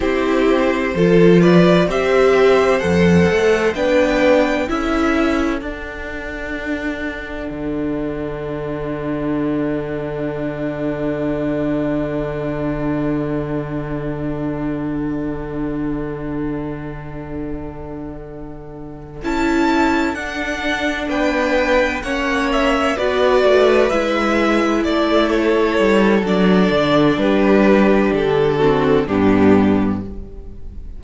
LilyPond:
<<
  \new Staff \with { instrumentName = "violin" } { \time 4/4 \tempo 4 = 64 c''4. d''8 e''4 fis''4 | g''4 e''4 fis''2~ | fis''1~ | fis''1~ |
fis''1~ | fis''8 a''4 fis''4 g''4 fis''8 | e''8 d''4 e''4 d''8 cis''4 | d''4 b'4 a'4 g'4 | }
  \new Staff \with { instrumentName = "violin" } { \time 4/4 g'4 a'8 b'8 c''2 | b'4 a'2.~ | a'1~ | a'1~ |
a'1~ | a'2~ a'8 b'4 cis''8~ | cis''8 b'2 a'4.~ | a'4 g'4. fis'8 d'4 | }
  \new Staff \with { instrumentName = "viola" } { \time 4/4 e'4 f'4 g'4 a'4 | d'4 e'4 d'2~ | d'1~ | d'1~ |
d'1~ | d'8 e'4 d'2 cis'8~ | cis'8 fis'4 e'2~ e'8 | d'2~ d'8 c'8 b4 | }
  \new Staff \with { instrumentName = "cello" } { \time 4/4 c'4 f4 c'4 f,8 a8 | b4 cis'4 d'2 | d1~ | d1~ |
d1~ | d8 cis'4 d'4 b4 ais8~ | ais8 b8 a8 gis4 a4 g8 | fis8 d8 g4 d4 g,4 | }
>>